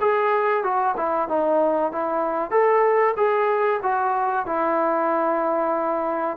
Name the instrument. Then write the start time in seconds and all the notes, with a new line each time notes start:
trombone
0.00 G#4
0.63 F#4
0.96 E4
1.28 D#4
1.91 E4
2.50 A4
3.16 G#4
3.82 F#4
4.46 E4